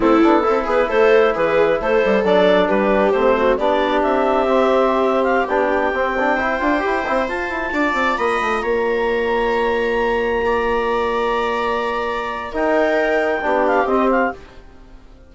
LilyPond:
<<
  \new Staff \with { instrumentName = "clarinet" } { \time 4/4 \tempo 4 = 134 a'4. b'8 c''4 b'4 | c''4 d''4 b'4 c''4 | d''4 e''2~ e''8. f''16~ | f''16 g''2.~ g''8.~ |
g''16 a''2 b''4 ais''8.~ | ais''1~ | ais''1 | g''2~ g''8 f''8 dis''8 f''8 | }
  \new Staff \with { instrumentName = "viola" } { \time 4/4 e'4 a'8 gis'8 a'4 gis'4 | a'2 g'4. fis'8 | g'1~ | g'2~ g'16 c''4.~ c''16~ |
c''4~ c''16 d''4 dis''4 cis''8.~ | cis''2.~ cis''16 d''8.~ | d''1 | ais'2 g'2 | }
  \new Staff \with { instrumentName = "trombone" } { \time 4/4 c'8 d'8 e'2.~ | e'4 d'2 c'4 | d'2 c'2~ | c'16 d'4 c'8 d'8 e'8 f'8 g'8 e'16~ |
e'16 f'2.~ f'8.~ | f'1~ | f'1 | dis'2 d'4 c'4 | }
  \new Staff \with { instrumentName = "bassoon" } { \time 4/4 a8 b8 c'8 b8 a4 e4 | a8 g8 fis4 g4 a4 | b4 c'2.~ | c'16 b4 c'4. d'8 e'8 c'16~ |
c'16 f'8 e'8 d'8 c'8 ais8 a8 ais8.~ | ais1~ | ais1 | dis'2 b4 c'4 | }
>>